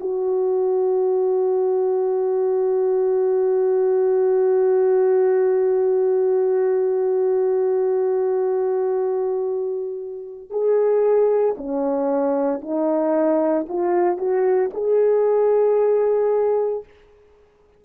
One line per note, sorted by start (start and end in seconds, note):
0.00 10.50 F#4
10.50 11.55 G#4
11.57 12.61 C#4
12.61 13.66 D#4
13.68 14.18 F4
14.18 14.70 F#4
14.73 16.84 G#4